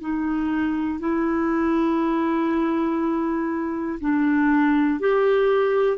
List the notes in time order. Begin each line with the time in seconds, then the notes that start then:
0.00 D#4
0.99 E4
4.00 D4
5.00 G4